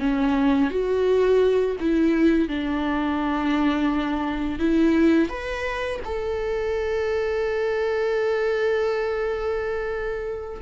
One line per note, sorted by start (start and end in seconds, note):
0.00 0.71 C#4
0.71 1.77 F#4
1.80 2.49 E4
2.49 4.60 D4
4.60 5.29 E4
5.29 6.00 B4
6.05 10.62 A4